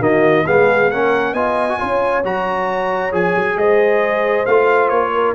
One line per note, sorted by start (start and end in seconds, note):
0.00 0.44 D#3
0.00 0.45 A#3
0.00 0.45 F#4
0.00 0.46 D#5
0.46 0.91 G#3
0.46 0.91 B3
0.46 0.91 G#4
0.46 0.91 F5
0.91 1.33 A#3
0.91 1.36 C#4
0.91 1.34 A#4
0.91 1.34 F#5
1.33 1.77 B3
1.33 1.69 F4
1.33 1.78 D#5
1.33 2.23 G#5
1.69 1.79 F#4
1.79 2.24 C#4
1.79 2.23 F4
1.79 3.57 C#5
2.24 3.12 F#3
2.24 3.12 F#4
2.24 3.14 A#5
3.12 3.35 F3
3.12 4.45 G#4
3.12 3.58 G#5
3.36 3.56 F#3
3.56 4.45 G#3
3.56 5.13 C5
3.56 4.46 D#5
4.46 4.90 A3
4.46 5.35 F4
4.46 4.89 F5
4.89 5.35 A#3
4.89 5.33 C#5
5.13 5.35 A#4